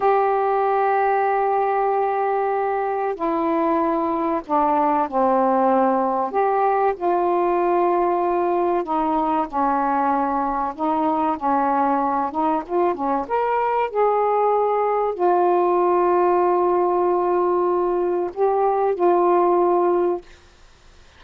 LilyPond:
\new Staff \with { instrumentName = "saxophone" } { \time 4/4 \tempo 4 = 95 g'1~ | g'4 e'2 d'4 | c'2 g'4 f'4~ | f'2 dis'4 cis'4~ |
cis'4 dis'4 cis'4. dis'8 | f'8 cis'8 ais'4 gis'2 | f'1~ | f'4 g'4 f'2 | }